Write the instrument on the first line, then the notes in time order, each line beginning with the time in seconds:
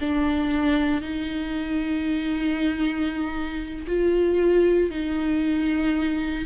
viola
0.00 D4
1.01 D#4
3.87 F4
4.90 D#4